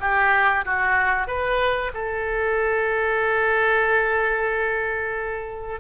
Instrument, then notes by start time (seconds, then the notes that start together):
oboe
0.00 G4
0.65 F#4
1.27 B4
1.94 A4